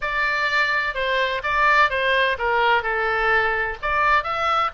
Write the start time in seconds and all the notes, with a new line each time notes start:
0.01 D5
0.94 C5
1.43 D5
1.89 C5
2.38 A#4
2.82 A4
3.81 D5
4.23 E5